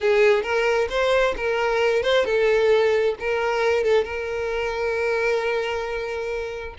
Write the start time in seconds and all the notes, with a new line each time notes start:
0.01 G#4
0.42 A#4
0.89 C5
1.36 A#4
2.02 C5
2.25 A4
3.19 A#4
3.83 A4
4.04 A#4